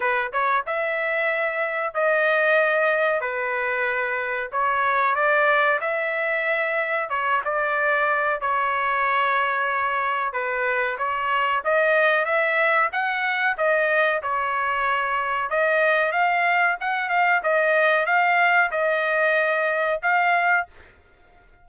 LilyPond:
\new Staff \with { instrumentName = "trumpet" } { \time 4/4 \tempo 4 = 93 b'8 cis''8 e''2 dis''4~ | dis''4 b'2 cis''4 | d''4 e''2 cis''8 d''8~ | d''4 cis''2. |
b'4 cis''4 dis''4 e''4 | fis''4 dis''4 cis''2 | dis''4 f''4 fis''8 f''8 dis''4 | f''4 dis''2 f''4 | }